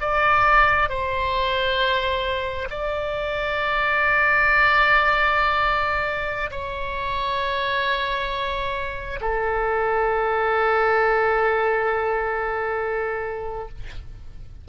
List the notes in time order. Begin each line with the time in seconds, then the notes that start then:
0.00 D5
0.89 C5
2.69 D5
6.50 C#5
9.20 A4